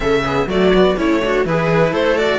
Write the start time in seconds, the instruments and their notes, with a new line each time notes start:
0.00 cello C#3 C#4, viola A4, violin E5
0.24 cello B3, viola G#4
0.46 cello F#3 A3, viola F#4, violin D5
0.74 cello B3
0.96 cello A3 C#4, viola E4, violin C#5
1.23 cello D4, viola F#4
1.45 cello E3 E4, viola G#4, violin B4
1.91 cello A3, viola A4, violin C5
2.17 cello F#4, violin D5